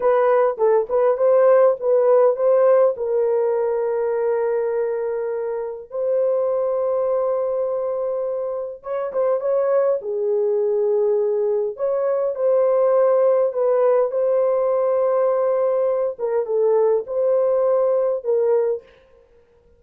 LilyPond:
\new Staff \with { instrumentName = "horn" } { \time 4/4 \tempo 4 = 102 b'4 a'8 b'8 c''4 b'4 | c''4 ais'2.~ | ais'2 c''2~ | c''2. cis''8 c''8 |
cis''4 gis'2. | cis''4 c''2 b'4 | c''2.~ c''8 ais'8 | a'4 c''2 ais'4 | }